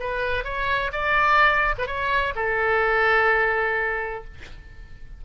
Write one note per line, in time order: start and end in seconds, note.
0.00 0.44 B4
0.44 0.91 C#5
0.92 1.75 D5
1.78 1.87 B4
1.87 2.34 C#5
2.35 4.24 A4